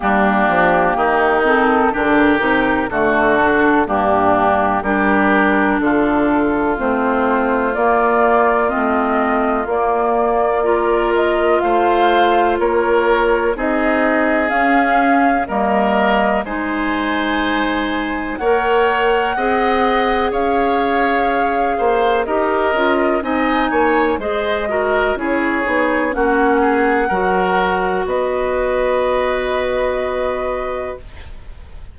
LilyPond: <<
  \new Staff \with { instrumentName = "flute" } { \time 4/4 \tempo 4 = 62 g'4. a'8 ais'4 a'4 | g'4 ais'4 a'4 c''4 | d''4 dis''4 d''4. dis''8 | f''4 cis''4 dis''4 f''4 |
dis''4 gis''2 fis''4~ | fis''4 f''2 dis''4 | gis''4 dis''4 cis''4 fis''4~ | fis''4 dis''2. | }
  \new Staff \with { instrumentName = "oboe" } { \time 4/4 d'4 dis'4 g'4 fis'4 | d'4 g'4 f'2~ | f'2. ais'4 | c''4 ais'4 gis'2 |
ais'4 c''2 cis''4 | dis''4 cis''4. c''8 ais'4 | dis''8 cis''8 c''8 ais'8 gis'4 fis'8 gis'8 | ais'4 b'2. | }
  \new Staff \with { instrumentName = "clarinet" } { \time 4/4 ais4. c'8 d'8 dis'8 a8 d'8 | ais4 d'2 c'4 | ais4 c'4 ais4 f'4~ | f'2 dis'4 cis'4 |
ais4 dis'2 ais'4 | gis'2. g'8 f'8 | dis'4 gis'8 fis'8 e'8 dis'8 cis'4 | fis'1 | }
  \new Staff \with { instrumentName = "bassoon" } { \time 4/4 g8 f8 dis4 d8 c8 d4 | g,4 g4 d4 a4 | ais4 a4 ais2 | a4 ais4 c'4 cis'4 |
g4 gis2 ais4 | c'4 cis'4. ais8 dis'8 cis'8 | c'8 ais8 gis4 cis'8 b8 ais4 | fis4 b2. | }
>>